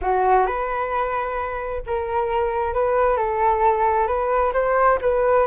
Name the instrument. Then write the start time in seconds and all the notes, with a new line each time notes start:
flute
0.01 F#4
0.46 B4
1.86 A#4
2.73 B4
3.16 A4
4.07 B4
4.53 C5
5.01 B4